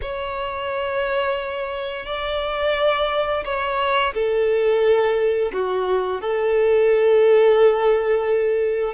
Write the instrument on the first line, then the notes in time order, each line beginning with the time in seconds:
violin
0.01 C#5
2.06 D5
3.44 C#5
4.14 A4
5.52 F#4
6.21 A4